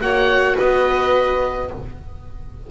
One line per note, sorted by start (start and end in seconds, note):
0.00 0.56 A#3
0.00 1.67 F#4
0.00 0.55 C#5
0.00 0.56 F#5
0.55 1.70 B3
0.55 1.66 B4
0.55 1.70 D#5